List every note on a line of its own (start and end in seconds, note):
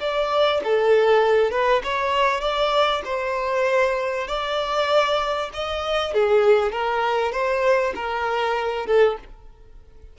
0.00 0.61 D5
0.64 1.52 A4
1.52 1.82 B4
1.84 2.41 C#5
2.41 3.03 D5
3.05 4.28 C5
4.28 5.50 D5
5.54 6.14 D#5
6.14 6.72 G#4
6.72 7.32 A#4
7.32 7.93 C5
7.95 8.86 A#4
8.86 9.17 A4